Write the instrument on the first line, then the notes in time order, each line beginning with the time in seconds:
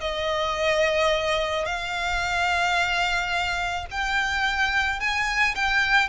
violin
0.00 D#5
1.65 F5
3.91 G5
5.00 G#5
5.55 G5